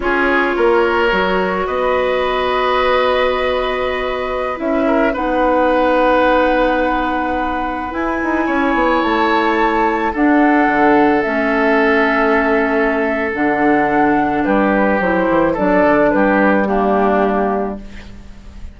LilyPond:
<<
  \new Staff \with { instrumentName = "flute" } { \time 4/4 \tempo 4 = 108 cis''2. dis''4~ | dis''1~ | dis''16 e''4 fis''2~ fis''8.~ | fis''2~ fis''16 gis''4.~ gis''16~ |
gis''16 a''2 fis''4.~ fis''16~ | fis''16 e''2.~ e''8. | fis''2 b'4 c''4 | d''4 b'4 g'2 | }
  \new Staff \with { instrumentName = "oboe" } { \time 4/4 gis'4 ais'2 b'4~ | b'1~ | b'8. ais'8 b'2~ b'8.~ | b'2.~ b'16 cis''8.~ |
cis''2~ cis''16 a'4.~ a'16~ | a'1~ | a'2 g'2 | a'4 g'4 d'2 | }
  \new Staff \with { instrumentName = "clarinet" } { \time 4/4 f'2 fis'2~ | fis'1~ | fis'16 e'4 dis'2~ dis'8.~ | dis'2~ dis'16 e'4.~ e'16~ |
e'2~ e'16 d'4.~ d'16~ | d'16 cis'2.~ cis'8. | d'2. e'4 | d'2 ais2 | }
  \new Staff \with { instrumentName = "bassoon" } { \time 4/4 cis'4 ais4 fis4 b4~ | b1~ | b16 cis'4 b2~ b8.~ | b2~ b16 e'8 dis'8 cis'8 b16~ |
b16 a2 d'4 d8.~ | d16 a2.~ a8. | d2 g4 fis8 e8 | fis8 d8 g2. | }
>>